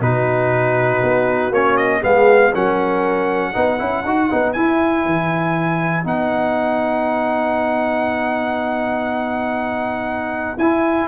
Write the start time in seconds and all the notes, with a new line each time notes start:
0.00 B2 D#4 F#4 B4
1.03 B3
1.51 A#3 C#4 C#5
1.77 D#5
2.01 G#3 B3 G#4 F5
2.53 F#3 C#4 A#4 F#5
3.52 B3 D#4 B4
3.78 C#4 E4
4.04 D#4 F#4
4.30 B3 D#4
4.53 E4 G#5
5.05 E3
6.04 B3 D#4 F#5
10.57 E4 G#5